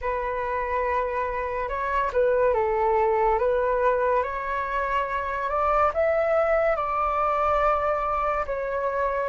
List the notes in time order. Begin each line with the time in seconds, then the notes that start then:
0.01 B4
1.69 C#5
2.12 B4
2.54 A4
3.38 B4
4.23 C#5
5.49 D5
5.93 E5
6.76 D5
8.45 C#5